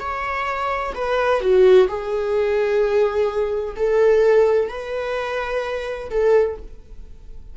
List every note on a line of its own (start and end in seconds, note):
0.00 0.94 C#5
0.95 1.41 B4
1.41 1.88 F#4
1.88 3.75 G#4
3.76 4.69 A4
4.69 6.10 B4
6.10 6.57 A4